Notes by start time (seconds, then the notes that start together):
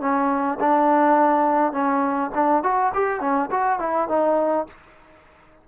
0.00 C#4
0.60 D4
1.72 C#4
2.34 D4
2.63 F#4
2.94 G4
3.20 C#4
3.51 F#4
3.79 E4
4.08 D#4